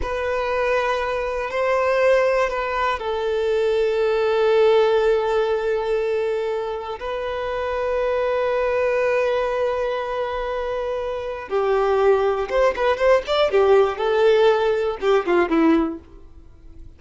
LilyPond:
\new Staff \with { instrumentName = "violin" } { \time 4/4 \tempo 4 = 120 b'2. c''4~ | c''4 b'4 a'2~ | a'1~ | a'2 b'2~ |
b'1~ | b'2. g'4~ | g'4 c''8 b'8 c''8 d''8 g'4 | a'2 g'8 f'8 e'4 | }